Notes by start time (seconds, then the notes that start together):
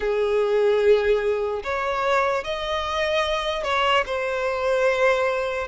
0.00 G#4
1.63 C#5
2.43 D#5
3.63 C#5
4.05 C5